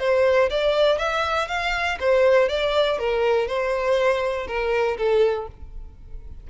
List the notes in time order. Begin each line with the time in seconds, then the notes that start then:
0.00 C5
0.50 D5
0.99 E5
1.48 F5
2.00 C5
2.49 D5
2.99 A#4
3.48 C5
4.47 A#4
4.98 A4